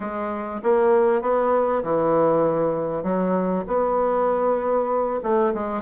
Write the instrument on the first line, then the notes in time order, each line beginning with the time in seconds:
bassoon
0.00 G#3
0.63 A#3
1.21 B3
1.83 E3
3.03 F#3
3.67 B3
5.23 A3
5.54 G#3